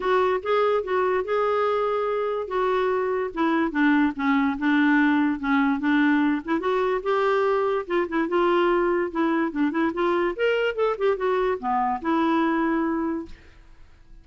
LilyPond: \new Staff \with { instrumentName = "clarinet" } { \time 4/4 \tempo 4 = 145 fis'4 gis'4 fis'4 gis'4~ | gis'2 fis'2 | e'4 d'4 cis'4 d'4~ | d'4 cis'4 d'4. e'8 |
fis'4 g'2 f'8 e'8 | f'2 e'4 d'8 e'8 | f'4 ais'4 a'8 g'8 fis'4 | b4 e'2. | }